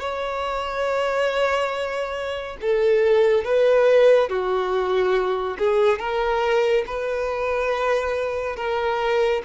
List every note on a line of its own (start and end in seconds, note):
0.00 2.57 C#5
2.61 3.45 A4
3.45 4.29 B4
4.29 5.58 F#4
5.59 5.99 G#4
5.99 6.85 A#4
6.87 8.57 B4
8.57 9.42 A#4